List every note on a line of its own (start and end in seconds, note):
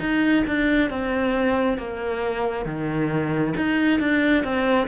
0.00 0.44 D#4
0.47 0.90 D4
0.90 1.78 C4
1.78 2.66 A#3
2.66 3.54 D#3
3.57 4.00 D#4
4.00 4.44 D4
4.44 4.88 C4